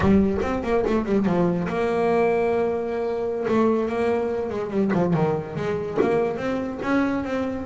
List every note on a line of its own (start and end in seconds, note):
0.00 0.37 G3
0.41 0.62 C4
0.63 0.84 A#3
0.86 1.05 A3
1.05 1.25 G3
1.25 1.67 F3
1.67 3.46 A#3
3.47 3.88 A3
3.88 4.49 A#3
4.49 4.70 G#3
4.70 4.91 G3
4.93 5.13 F3
5.13 5.55 D#3
5.56 5.98 G#3
6.01 6.37 A#3
6.37 6.79 C4
6.82 7.24 C#4
7.24 7.66 C4